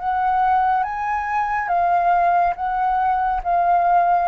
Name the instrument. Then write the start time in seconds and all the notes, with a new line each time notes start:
flute
0.00 F#5
0.84 G#5
1.69 F5
2.56 F#5
3.44 F5